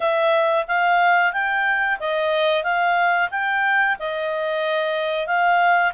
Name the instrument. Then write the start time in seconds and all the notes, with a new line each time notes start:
clarinet
0.00 E5
0.67 F5
1.32 G5
1.99 D#5
2.63 F5
3.30 G5
3.99 D#5
5.26 F5